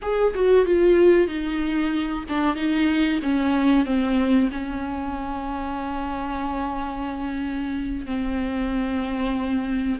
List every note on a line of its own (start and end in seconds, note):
0.01 0.34 G#4
0.34 0.65 F#4
0.65 1.27 F4
1.27 2.24 D#4
2.28 2.55 D4
2.55 3.20 D#4
3.22 3.85 C#4
3.85 4.50 C4
4.51 8.06 C#4
8.06 9.99 C4